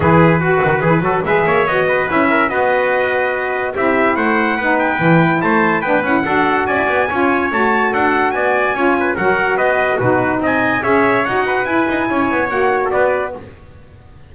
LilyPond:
<<
  \new Staff \with { instrumentName = "trumpet" } { \time 4/4 \tempo 4 = 144 b'2. e''4 | dis''4 e''4 dis''2~ | dis''4 e''4 fis''4. g''8~ | g''4 a''4 g''8 fis''4. |
gis''2 a''4 fis''4 | gis''2 fis''4 dis''4 | b'4 gis''4 e''4 fis''4 | gis''2 fis''8. a'16 d''4 | }
  \new Staff \with { instrumentName = "trumpet" } { \time 4/4 gis'4 fis'4 gis'8 a'8 b'8 cis''8~ | cis''8 b'4 ais'8 b'2~ | b'4 g'4 c''4 b'4~ | b'4 c''4 b'4 a'4 |
d''4 cis''2 a'4 | d''4 cis''8 b'8 ais'4 b'4 | fis'4 dis''4 cis''4. b'8~ | b'4 cis''2 b'4 | }
  \new Staff \with { instrumentName = "saxophone" } { \time 4/4 e'4 fis'4 e'8 fis'8 gis'4 | fis'4 e'4 fis'2~ | fis'4 e'2 dis'4 | e'2 d'8 e'8 fis'4~ |
fis'4 f'4 fis'2~ | fis'4 f'4 fis'2 | dis'2 gis'4 fis'4 | e'2 fis'2 | }
  \new Staff \with { instrumentName = "double bass" } { \time 4/4 e4. dis8 e8 fis8 gis8 ais8 | b4 cis'4 b2~ | b4 c'4 a4 b4 | e4 a4 b8 cis'8 d'4 |
cis'16 e'16 b8 cis'4 a4 d'4 | b4 cis'4 fis4 b4 | b,4 c'4 cis'4 dis'4 | e'8 dis'8 cis'8 b8 ais4 b4 | }
>>